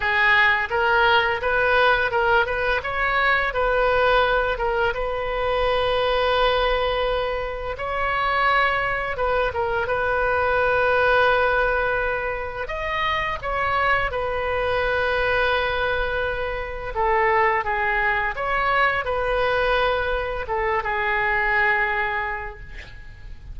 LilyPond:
\new Staff \with { instrumentName = "oboe" } { \time 4/4 \tempo 4 = 85 gis'4 ais'4 b'4 ais'8 b'8 | cis''4 b'4. ais'8 b'4~ | b'2. cis''4~ | cis''4 b'8 ais'8 b'2~ |
b'2 dis''4 cis''4 | b'1 | a'4 gis'4 cis''4 b'4~ | b'4 a'8 gis'2~ gis'8 | }